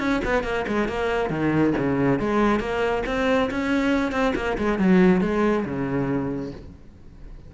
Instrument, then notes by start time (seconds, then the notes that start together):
cello
0.00 C#4
0.25 B3
0.44 A#3
0.68 G#3
0.89 A#3
1.30 D#3
1.78 C#3
2.20 G#3
2.60 A#3
3.07 C4
3.51 C#4
4.12 C4
4.36 A#3
4.58 G#3
4.79 F#3
5.22 G#3
5.65 C#3